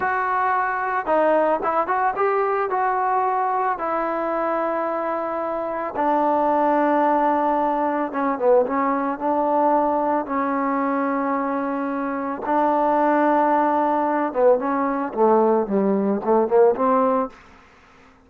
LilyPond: \new Staff \with { instrumentName = "trombone" } { \time 4/4 \tempo 4 = 111 fis'2 dis'4 e'8 fis'8 | g'4 fis'2 e'4~ | e'2. d'4~ | d'2. cis'8 b8 |
cis'4 d'2 cis'4~ | cis'2. d'4~ | d'2~ d'8 b8 cis'4 | a4 g4 a8 ais8 c'4 | }